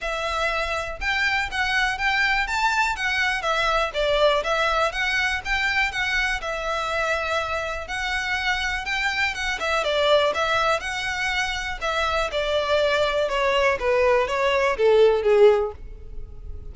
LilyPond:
\new Staff \with { instrumentName = "violin" } { \time 4/4 \tempo 4 = 122 e''2 g''4 fis''4 | g''4 a''4 fis''4 e''4 | d''4 e''4 fis''4 g''4 | fis''4 e''2. |
fis''2 g''4 fis''8 e''8 | d''4 e''4 fis''2 | e''4 d''2 cis''4 | b'4 cis''4 a'4 gis'4 | }